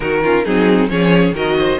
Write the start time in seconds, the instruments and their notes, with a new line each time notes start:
0.00 cello D#3, viola D#4, violin F#4 A#4
0.23 viola C#4, violin F4
0.44 cello F#3, viola C4, violin D#4 G#4
0.88 cello F3, viola C#4, violin G#4 C#5
1.32 cello D#3, viola F#4, violin A#4 D#5
1.58 violin C5